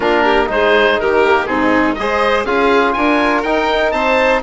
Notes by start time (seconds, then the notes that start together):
0.00 A#3 D4 F4 A#4
0.24 G4
0.47 G#3 D#4 C5
0.53 G#4
0.99 D#3 G4 A#4
1.24 A#3
1.45 G#2 C4 D#4 G#4
1.94 G#3 G#4 C5 D#5
2.44 C#4 F4 G#4 F5
2.92 D4 A#4 G#5
3.42 D#4 G5
3.91 C4 C5 A5